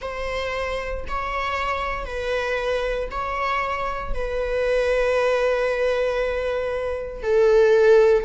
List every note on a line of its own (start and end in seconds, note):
0.01 1.04 C5
1.07 2.05 C#5
2.05 3.09 B4
3.11 4.14 C#5
4.14 7.22 B4
7.22 8.24 A4